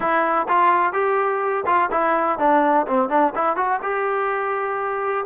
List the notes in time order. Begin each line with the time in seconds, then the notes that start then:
0.00 E4
0.48 F4
0.92 G4
1.66 F4
1.91 E4
2.38 D4
2.87 C4
3.09 D4
3.35 E4
3.56 F#4
3.82 G4